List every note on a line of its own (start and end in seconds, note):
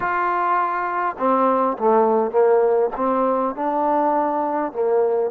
0.00 1.16 F4
1.18 1.76 C4
1.78 2.31 A3
2.31 2.90 A#3
2.96 3.55 C4
3.55 4.72 D4
4.72 5.30 A#3